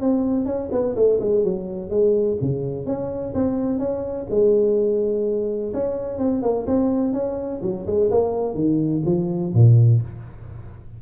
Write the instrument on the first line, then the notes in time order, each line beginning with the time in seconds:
tuba
0.00 C4
0.45 C#4
0.71 B3
0.95 A3
1.20 G#3
1.44 F#3
1.90 G#3
2.41 C#3
2.86 C#4
3.34 C4
3.78 C#4
4.30 G#3
5.73 C#4
6.18 C4
6.42 A#3
6.66 C4
7.13 C#4
7.62 F#3
7.86 G#3
8.10 A#3
8.54 D#3
9.05 F3
9.53 A#2